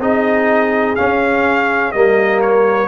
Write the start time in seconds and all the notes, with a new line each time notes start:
0.00 C4 D#4 G#4 D#5
0.96 C#4 F5
1.92 G3 A#3 A#4 D#5
2.42 C#5